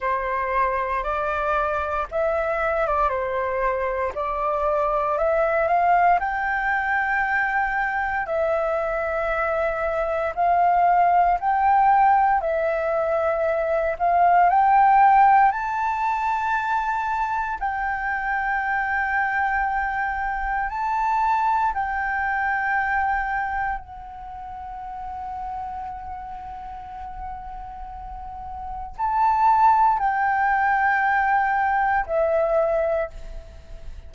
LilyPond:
\new Staff \with { instrumentName = "flute" } { \time 4/4 \tempo 4 = 58 c''4 d''4 e''8. d''16 c''4 | d''4 e''8 f''8 g''2 | e''2 f''4 g''4 | e''4. f''8 g''4 a''4~ |
a''4 g''2. | a''4 g''2 fis''4~ | fis''1 | a''4 g''2 e''4 | }